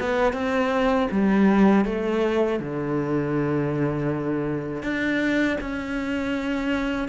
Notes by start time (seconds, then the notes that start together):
0.00 B3
0.33 C4
1.11 G3
1.85 A3
2.60 D3
4.82 D4
5.61 C#4